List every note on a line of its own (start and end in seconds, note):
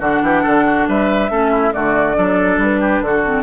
0.00 0.22 D3
0.00 1.31 D4
0.00 0.22 F#4
0.00 0.88 F#5
0.23 0.44 E3
0.23 0.43 G4
0.43 0.88 D3
0.43 0.64 A4
0.67 0.88 F#4
0.88 1.31 G3
0.88 1.32 B4
0.88 1.73 E5
1.31 1.74 A3
1.31 1.72 C#4
1.31 1.51 A4
1.51 1.73 E4
1.72 2.18 D3
1.72 2.15 A3
1.72 2.17 F#4
1.72 2.60 D5
2.15 2.58 F#3
2.15 3.23 D4
2.15 2.81 A4
2.58 3.01 G3
2.58 3.04 B4
2.81 3.02 G4
3.01 3.44 D3
3.01 3.44 F#4
3.01 3.44 A4
3.25 3.44 C4